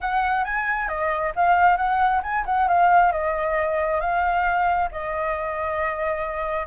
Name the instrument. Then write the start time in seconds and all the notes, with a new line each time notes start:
flute
0.00 F#5
0.44 G#5
0.88 D#5
1.35 F5
1.77 F#5
2.22 G#5
2.45 F#5
2.68 F5
3.12 D#5
4.00 F5
4.91 D#5